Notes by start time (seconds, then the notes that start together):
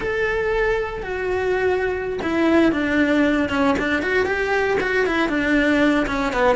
0.00 A4
1.03 F#4
2.22 E4
2.72 D4
3.49 C#4
3.79 D4
4.02 F#4
4.26 G4
4.80 F#4
5.06 E4
5.29 D4
6.06 C#4
6.32 B3